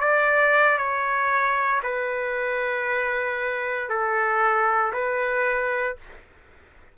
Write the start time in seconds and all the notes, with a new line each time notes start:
0.00 D5
0.77 C#5
1.82 B4
3.89 A4
4.93 B4